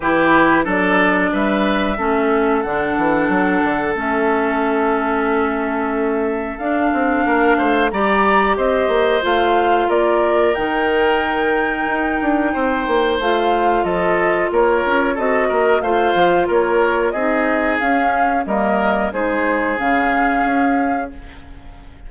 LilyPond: <<
  \new Staff \with { instrumentName = "flute" } { \time 4/4 \tempo 4 = 91 b'4 d''4 e''2 | fis''2 e''2~ | e''2 f''2 | ais''4 dis''4 f''4 d''4 |
g''1 | f''4 dis''4 cis''4 dis''4 | f''4 cis''4 dis''4 f''4 | dis''4 c''4 f''2 | }
  \new Staff \with { instrumentName = "oboe" } { \time 4/4 g'4 a'4 b'4 a'4~ | a'1~ | a'2. ais'8 c''8 | d''4 c''2 ais'4~ |
ais'2. c''4~ | c''4 a'4 ais'4 a'8 ais'8 | c''4 ais'4 gis'2 | ais'4 gis'2. | }
  \new Staff \with { instrumentName = "clarinet" } { \time 4/4 e'4 d'2 cis'4 | d'2 cis'2~ | cis'2 d'2 | g'2 f'2 |
dis'1 | f'2. fis'4 | f'2 dis'4 cis'4 | ais4 dis'4 cis'2 | }
  \new Staff \with { instrumentName = "bassoon" } { \time 4/4 e4 fis4 g4 a4 | d8 e8 fis8 d8 a2~ | a2 d'8 c'8 ais8 a8 | g4 c'8 ais8 a4 ais4 |
dis2 dis'8 d'8 c'8 ais8 | a4 f4 ais8 cis'8 c'8 ais8 | a8 f8 ais4 c'4 cis'4 | g4 gis4 cis4 cis'4 | }
>>